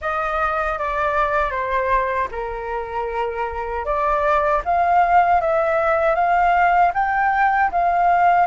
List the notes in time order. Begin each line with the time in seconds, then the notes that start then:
0.01 D#5
0.78 D5
1.50 C5
2.31 A#4
3.85 D5
4.64 F5
5.40 E5
6.15 F5
6.93 G5
7.71 F5